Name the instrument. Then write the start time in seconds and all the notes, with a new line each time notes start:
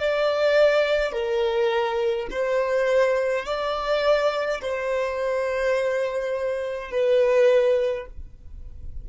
violin
0.00 D5
1.12 A#4
2.31 C5
3.46 D5
4.62 C5
6.91 B4